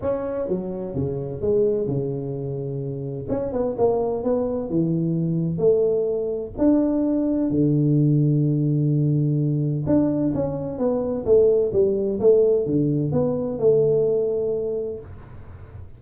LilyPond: \new Staff \with { instrumentName = "tuba" } { \time 4/4 \tempo 4 = 128 cis'4 fis4 cis4 gis4 | cis2. cis'8 b8 | ais4 b4 e2 | a2 d'2 |
d1~ | d4 d'4 cis'4 b4 | a4 g4 a4 d4 | b4 a2. | }